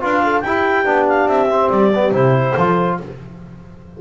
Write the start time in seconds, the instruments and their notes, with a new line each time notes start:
0.00 double bass D4, trombone F4, horn B4, clarinet F5
0.23 horn A4
0.40 double bass E4, trombone E4, horn G4, clarinet G5
0.84 double bass B3, trombone D4
1.08 clarinet F5
1.26 double bass C4, clarinet E5
1.49 trombone C4
1.70 double bass G3, clarinet D5
1.94 trombone B3
2.11 double bass C3, trombone E4, clarinet C5
2.54 double bass F3, trombone F4, horn A4